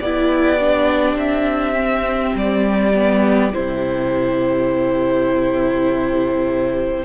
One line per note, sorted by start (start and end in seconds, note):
0.00 1.15 B3
0.00 0.60 E4
0.00 7.05 G4
0.00 1.18 D5
0.60 1.75 D4
1.15 2.33 C4
1.15 2.36 E5
1.75 2.93 C4
2.35 3.53 G3
2.35 3.54 D5
2.94 3.53 B3
3.53 7.05 C3
3.53 7.05 E4
3.53 7.05 C5